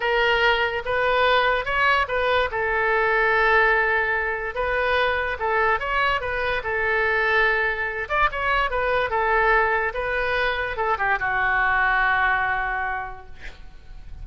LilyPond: \new Staff \with { instrumentName = "oboe" } { \time 4/4 \tempo 4 = 145 ais'2 b'2 | cis''4 b'4 a'2~ | a'2. b'4~ | b'4 a'4 cis''4 b'4 |
a'2.~ a'8 d''8 | cis''4 b'4 a'2 | b'2 a'8 g'8 fis'4~ | fis'1 | }